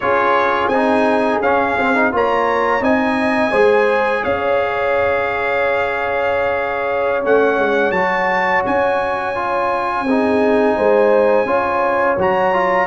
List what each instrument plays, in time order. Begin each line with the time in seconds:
0.00 tuba C#4, trombone F4, horn G#4, trumpet C#5
0.67 tuba C4, trombone D#4, trumpet G#5
1.41 tuba C#4, trombone C#4, trumpet F5
1.77 tuba C4, trombone C4
1.94 trombone D#4
2.12 tuba A#3, trombone F4, horn C#5, trumpet A#5
2.80 tuba C4, trombone D#4, horn D#5, trumpet G#5
3.51 tuba G#3, trombone G#4, horn C5
4.22 tuba C#4, horn C#5, trumpet F5
7.23 tuba A3, trombone C#4, trumpet F#5
7.58 tuba G#3
7.90 tuba F#3, trombone F#4, trumpet A5
8.65 tuba C#4, trumpet G#5
9.35 trombone F4
10.04 tuba C4, trombone D#4, horn G#4
10.76 tuba G#3, horn C5
11.45 tuba C#4, trombone F4, horn C#5
12.17 tuba F#3, trombone F#4, trumpet A#5
12.53 trombone F4